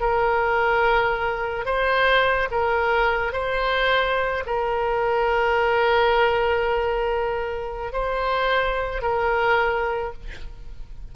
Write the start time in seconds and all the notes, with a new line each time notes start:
0.00 A#4
1.65 C5
2.51 A#4
3.33 C5
4.46 A#4
7.93 C5
9.02 A#4